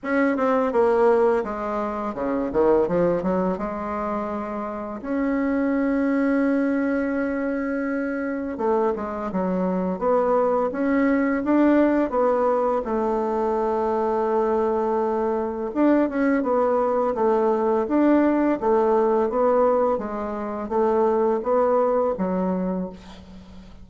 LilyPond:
\new Staff \with { instrumentName = "bassoon" } { \time 4/4 \tempo 4 = 84 cis'8 c'8 ais4 gis4 cis8 dis8 | f8 fis8 gis2 cis'4~ | cis'1 | a8 gis8 fis4 b4 cis'4 |
d'4 b4 a2~ | a2 d'8 cis'8 b4 | a4 d'4 a4 b4 | gis4 a4 b4 fis4 | }